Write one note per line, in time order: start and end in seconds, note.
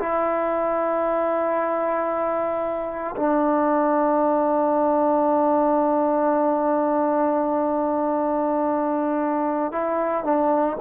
0.00 3.16 E4
3.17 9.73 D4
9.73 10.24 E4
10.24 10.77 D4